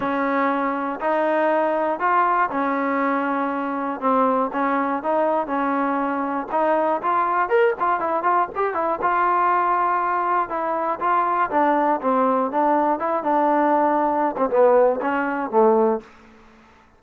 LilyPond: \new Staff \with { instrumentName = "trombone" } { \time 4/4 \tempo 4 = 120 cis'2 dis'2 | f'4 cis'2. | c'4 cis'4 dis'4 cis'4~ | cis'4 dis'4 f'4 ais'8 f'8 |
e'8 f'8 g'8 e'8 f'2~ | f'4 e'4 f'4 d'4 | c'4 d'4 e'8 d'4.~ | d'8. c'16 b4 cis'4 a4 | }